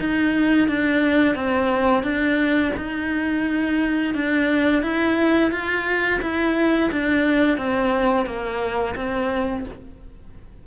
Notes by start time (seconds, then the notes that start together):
0.00 D#4
0.68 D4
1.35 C4
2.03 D4
2.77 D#4
4.14 D4
4.83 E4
5.51 F4
6.22 E4
6.92 D4
7.58 C4
8.26 A#3
8.96 C4